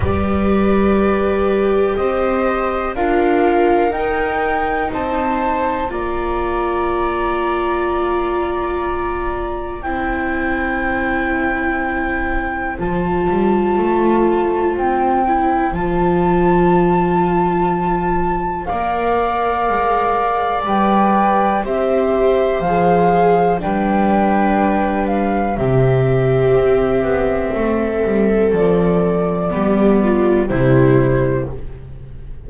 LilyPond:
<<
  \new Staff \with { instrumentName = "flute" } { \time 4/4 \tempo 4 = 61 d''2 dis''4 f''4 | g''4 a''4 ais''2~ | ais''2 g''2~ | g''4 a''2 g''4 |
a''2. f''4~ | f''4 g''4 e''4 f''4 | g''4. f''8 e''2~ | e''4 d''2 c''4 | }
  \new Staff \with { instrumentName = "viola" } { \time 4/4 b'2 c''4 ais'4~ | ais'4 c''4 d''2~ | d''2 c''2~ | c''1~ |
c''2. d''4~ | d''2 c''2 | b'2 g'2 | a'2 g'8 f'8 e'4 | }
  \new Staff \with { instrumentName = "viola" } { \time 4/4 g'2. f'4 | dis'2 f'2~ | f'2 e'2~ | e'4 f'2~ f'8 e'8 |
f'2. ais'4~ | ais'4 b'4 g'4 gis'4 | d'2 c'2~ | c'2 b4 g4 | }
  \new Staff \with { instrumentName = "double bass" } { \time 4/4 g2 c'4 d'4 | dis'4 c'4 ais2~ | ais2 c'2~ | c'4 f8 g8 a4 c'4 |
f2. ais4 | gis4 g4 c'4 f4 | g2 c4 c'8 b8 | a8 g8 f4 g4 c4 | }
>>